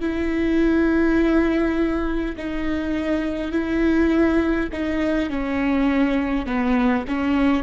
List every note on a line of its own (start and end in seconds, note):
0.00 2.35 E4
2.36 3.51 D#4
3.51 4.69 E4
4.72 5.29 D#4
5.29 6.45 C#4
6.45 7.04 B3
7.07 7.63 C#4